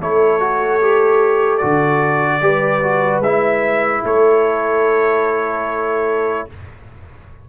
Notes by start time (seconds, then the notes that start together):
0.00 A3 E4 A4 C#5
0.40 F#4
0.81 G4
1.57 D3 F#4 D5
2.41 G3 G4 B4
2.82 F#4
3.19 G#3 E4 E5
4.04 A3 A4 C#5